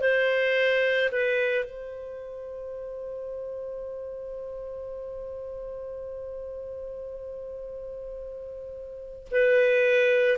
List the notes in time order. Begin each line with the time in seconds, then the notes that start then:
0.00 C5
1.12 B4
1.64 C5
9.31 B4